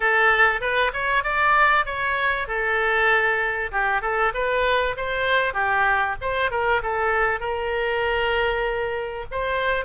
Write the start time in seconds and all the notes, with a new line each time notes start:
0.00 A4
0.60 B4
0.93 C#5
1.23 D5
1.85 C#5
2.47 A4
3.71 G4
4.01 A4
4.34 B4
4.97 C5
5.53 G4
6.21 C5
6.50 A#4
6.82 A4
7.39 A#4
9.31 C5